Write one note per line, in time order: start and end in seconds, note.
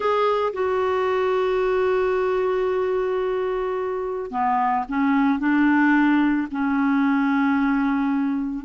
0.00 0.52 G#4
0.53 4.30 F#4
4.30 4.85 B3
4.88 5.39 C#4
5.39 6.47 D4
6.51 8.65 C#4